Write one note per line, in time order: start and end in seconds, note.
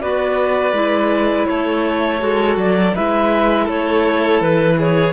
0.00 0.72 B3
0.00 0.73 F#4
0.00 1.48 B4
0.00 1.46 D5
0.72 1.45 G#3
0.72 2.19 E4
1.46 2.21 A3
1.46 2.95 A4
1.46 2.55 C#5
2.19 2.56 G#3
2.19 2.92 F#4
2.56 2.93 F#3
2.56 2.95 D5
2.94 3.68 G#3
2.94 5.13 E4
2.94 3.64 B4
2.94 3.68 E5
3.64 4.40 A3
3.64 4.74 A4
3.64 4.41 C#5
4.40 5.13 E3
4.40 4.78 B4
4.77 5.13 G#4
4.77 5.13 C#5